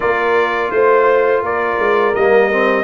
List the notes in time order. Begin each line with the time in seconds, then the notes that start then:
0.00 A#3 F4 A#4 D5
0.71 A3 C5
1.42 A#3 A#4 D5
1.78 G#3
2.15 G3 A#3 D#5
2.51 C4